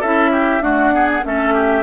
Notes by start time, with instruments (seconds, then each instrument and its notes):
0.00 bassoon C#4, clarinet E4, oboe A4, flute E5
0.32 oboe G4
0.61 clarinet A3, bassoon D4, oboe F#4, flute F#5
0.92 clarinet B3, oboe G#4
1.23 bassoon A3, clarinet C#4, oboe A4, flute E5
1.54 oboe G4